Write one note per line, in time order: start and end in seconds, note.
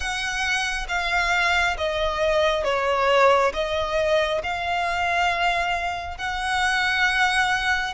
0.00 0.86 F#5
0.88 1.76 F5
1.77 2.64 D#5
2.64 3.52 C#5
3.53 4.41 D#5
4.43 6.17 F5
6.17 7.93 F#5